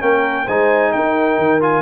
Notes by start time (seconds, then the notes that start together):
0.00 A#3 C#4 A#4 G5
0.46 G#3 D#4 C5 G#5
0.93 D#4 A#4 G5
1.38 D#3
1.61 F4 G#5